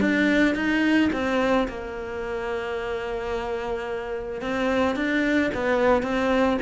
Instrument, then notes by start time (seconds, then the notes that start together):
cello
0.00 D4
0.55 D#4
1.12 C4
1.68 A#3
4.41 C4
4.96 D4
5.54 B3
6.03 C4